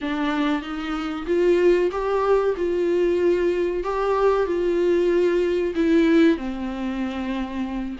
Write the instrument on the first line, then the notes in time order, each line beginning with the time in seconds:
viola
0.01 D4
0.62 D#4
1.26 F4
1.91 G4
2.56 F4
3.83 G4
4.46 F4
5.75 E4
6.37 C4